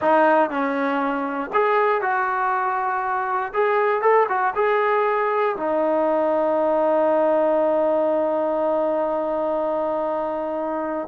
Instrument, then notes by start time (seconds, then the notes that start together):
trombone
0.01 D#4
0.50 C#4
1.53 G#4
2.01 F#4
3.53 G#4
4.01 A4
4.29 F#4
4.55 G#4
5.56 D#4